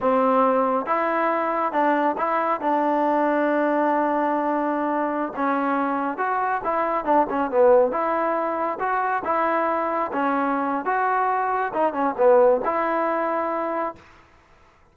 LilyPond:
\new Staff \with { instrumentName = "trombone" } { \time 4/4 \tempo 4 = 138 c'2 e'2 | d'4 e'4 d'2~ | d'1~ | d'16 cis'2 fis'4 e'8.~ |
e'16 d'8 cis'8 b4 e'4.~ e'16~ | e'16 fis'4 e'2 cis'8.~ | cis'4 fis'2 dis'8 cis'8 | b4 e'2. | }